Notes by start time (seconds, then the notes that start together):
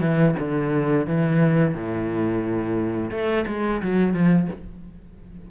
0.00 E3
0.39 D3
1.06 E3
1.74 A2
3.10 A3
3.47 G#3
3.82 F#3
4.13 F3